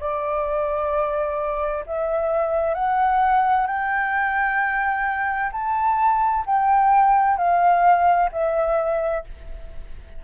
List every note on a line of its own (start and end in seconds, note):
0.00 1.85 D5
1.86 2.74 E5
2.74 3.67 F#5
3.67 5.51 G5
5.52 6.44 A5
6.46 7.37 G5
7.37 8.30 F5
8.32 9.24 E5